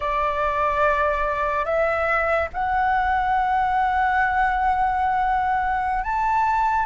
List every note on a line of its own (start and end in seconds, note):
0.00 1.65 D5
1.65 2.48 E5
2.53 6.03 F#5
6.03 6.85 A5